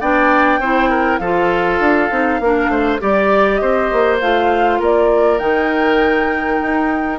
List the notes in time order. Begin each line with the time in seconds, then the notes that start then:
0.00 B3 D4 D5 G5
0.59 C4 E4 C5
0.89 A#4
1.18 F3 F4 A4 F5
1.79 D4
2.10 C4 D#4
2.39 A#3 D4 A#4
2.68 A3 C5
3.00 G3 G4 D5
3.56 C4 C5 D#5
3.92 A#3
4.21 A3 F4 F5
4.79 A#3 A#4 D5
5.39 D#3 D#4 G5
6.62 D#4